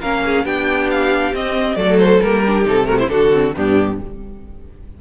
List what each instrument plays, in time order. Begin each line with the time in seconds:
0.00 cello A#3, viola C#4, violin A#4 F5
0.25 violin G#4
0.44 cello B3, viola D4, violin G4 G5
0.91 violin F5
1.33 cello C4, viola C4, violin D#5
1.76 cello F#3, viola A3, violin A4 D5
1.99 violin C5
2.21 cello G3, viola A#3, violin A#4
2.42 viola D4, violin G4
2.65 cello C3, viola D#4, violin A4
2.83 viola A3, violin F#4 A#4
2.99 violin E4 C5
3.09 cello D3, viola D4, violin F#4 A4
3.33 viola C4
3.56 cello G2, viola B3, violin D4 G4